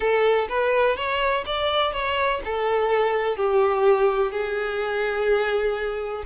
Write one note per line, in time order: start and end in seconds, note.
0.00 0.48 A4
0.48 0.96 B4
0.96 1.44 C#5
1.46 1.92 D5
1.92 2.40 C#5
2.44 3.36 A4
3.36 4.31 G4
4.31 6.23 G#4